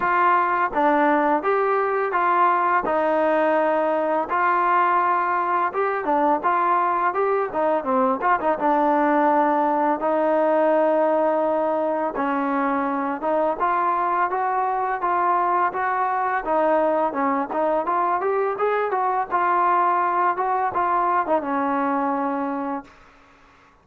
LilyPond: \new Staff \with { instrumentName = "trombone" } { \time 4/4 \tempo 4 = 84 f'4 d'4 g'4 f'4 | dis'2 f'2 | g'8 d'8 f'4 g'8 dis'8 c'8 f'16 dis'16 | d'2 dis'2~ |
dis'4 cis'4. dis'8 f'4 | fis'4 f'4 fis'4 dis'4 | cis'8 dis'8 f'8 g'8 gis'8 fis'8 f'4~ | f'8 fis'8 f'8. dis'16 cis'2 | }